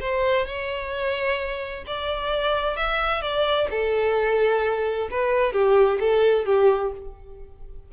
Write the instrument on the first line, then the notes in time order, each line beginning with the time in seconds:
violin
0.00 C5
0.46 C#5
1.87 D5
2.76 E5
3.21 D5
3.70 A4
5.10 B4
5.52 G4
5.99 A4
6.45 G4